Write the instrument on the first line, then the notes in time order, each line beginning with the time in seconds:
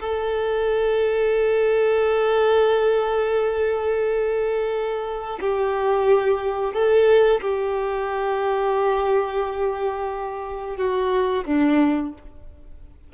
violin
0.00 A4
5.40 G4
6.73 A4
7.41 G4
10.77 F#4
11.45 D4